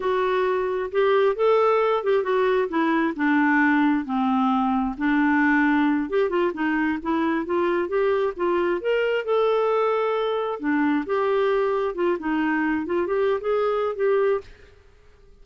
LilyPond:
\new Staff \with { instrumentName = "clarinet" } { \time 4/4 \tempo 4 = 133 fis'2 g'4 a'4~ | a'8 g'8 fis'4 e'4 d'4~ | d'4 c'2 d'4~ | d'4. g'8 f'8 dis'4 e'8~ |
e'8 f'4 g'4 f'4 ais'8~ | ais'8 a'2. d'8~ | d'8 g'2 f'8 dis'4~ | dis'8 f'8 g'8. gis'4~ gis'16 g'4 | }